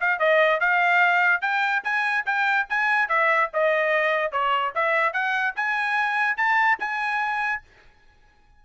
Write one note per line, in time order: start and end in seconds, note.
0.00 0.19 F5
0.19 0.60 D#5
0.60 1.41 F5
1.41 1.83 G5
1.84 2.25 G#5
2.26 2.67 G5
2.70 3.09 G#5
3.09 3.50 E5
3.53 4.31 D#5
4.31 4.73 C#5
4.75 5.13 E5
5.13 5.54 F#5
5.56 6.37 G#5
6.37 6.78 A5
6.79 7.62 G#5